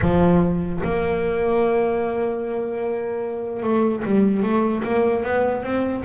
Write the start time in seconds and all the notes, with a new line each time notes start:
0.01 F3
0.83 A#3
3.62 A3
4.05 G3
4.42 A3
4.83 A#3
5.23 B3
5.63 C4